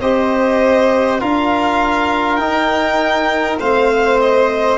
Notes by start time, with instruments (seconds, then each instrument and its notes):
0.00 tuba C4, trombone G4, violin C5 D#5
1.20 tuba D4, trombone F4, violin A#4 F5
2.36 tuba D#4, trombone D#4, violin G5
3.59 tuba A3, trombone C4, violin C5 F5
4.20 violin D#5